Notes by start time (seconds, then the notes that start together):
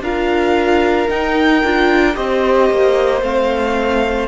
0.00 D4 F4 A#4 F5
1.08 D#4 G5
1.63 D4 F4
2.14 C4 G4 C5 D#5
2.69 A#3
3.21 A3 C4 F5